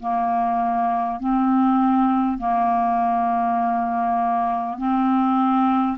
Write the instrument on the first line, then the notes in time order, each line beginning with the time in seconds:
clarinet
0.00 A#3
1.19 C4
2.38 A#3
4.78 C4